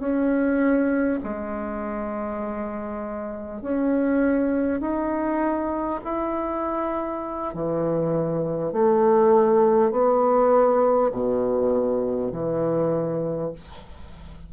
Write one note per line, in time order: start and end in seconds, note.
0.00 1.20 C#4
1.23 3.62 G#3
3.62 4.81 C#4
4.81 6.01 D#4
6.04 7.54 E4
7.54 8.73 E3
8.73 9.92 A3
9.92 11.12 B3
11.12 12.32 B2
12.33 13.53 E3